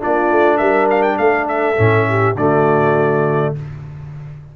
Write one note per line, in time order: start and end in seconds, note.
0.00 0.31 A#3
0.00 1.76 D4
0.00 0.58 F4
0.00 0.58 D5
0.31 0.61 A3
0.58 1.19 G3
0.58 1.17 A#4
0.58 0.87 E5
0.90 1.03 F5
1.03 1.17 G5
1.18 1.78 A3
1.18 2.09 A4
1.18 1.48 F5
1.49 2.37 E5
1.77 2.35 A2
1.77 2.36 C#4
2.09 2.37 G4
2.35 3.53 D3
2.35 3.56 A3
2.35 3.54 F#4
2.35 3.55 D5